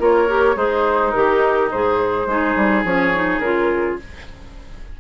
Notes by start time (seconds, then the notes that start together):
0.00 A#3 F4 A#4 C#5
0.29 G4
0.56 G#3 D#4 G#4 C5
1.12 D#3 G4 A#4
1.71 G#2 G#4 C5
2.27 G#3 D#4 G#4
2.56 G3
2.84 F3 C#4 C#5
3.15 D#4
3.40 C#3 F4 A#4